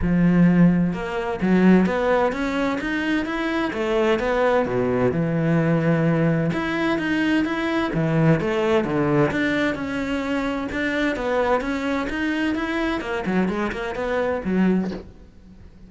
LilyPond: \new Staff \with { instrumentName = "cello" } { \time 4/4 \tempo 4 = 129 f2 ais4 fis4 | b4 cis'4 dis'4 e'4 | a4 b4 b,4 e4~ | e2 e'4 dis'4 |
e'4 e4 a4 d4 | d'4 cis'2 d'4 | b4 cis'4 dis'4 e'4 | ais8 fis8 gis8 ais8 b4 fis4 | }